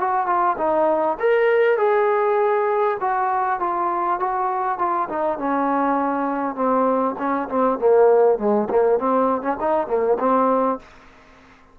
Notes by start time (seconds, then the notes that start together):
0.00 F#4
0.27 F4
0.58 D#4
1.20 A#4
1.78 G#4
3.01 F#4
3.60 F4
4.20 F#4
4.79 F4
5.10 D#4
5.39 C#4
6.56 C4
7.19 C#4
7.49 C4
7.79 A#3
8.39 G#3
8.71 A#3
8.99 C4
9.42 C#4
9.61 D#4
9.88 A#3
10.20 C4